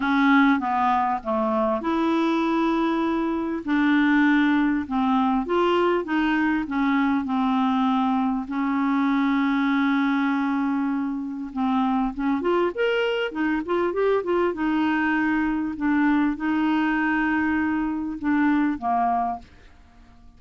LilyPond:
\new Staff \with { instrumentName = "clarinet" } { \time 4/4 \tempo 4 = 99 cis'4 b4 a4 e'4~ | e'2 d'2 | c'4 f'4 dis'4 cis'4 | c'2 cis'2~ |
cis'2. c'4 | cis'8 f'8 ais'4 dis'8 f'8 g'8 f'8 | dis'2 d'4 dis'4~ | dis'2 d'4 ais4 | }